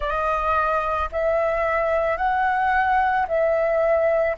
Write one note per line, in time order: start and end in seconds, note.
0.00 1.09 D#5
1.12 2.17 E5
2.17 3.26 F#5
3.27 4.36 E5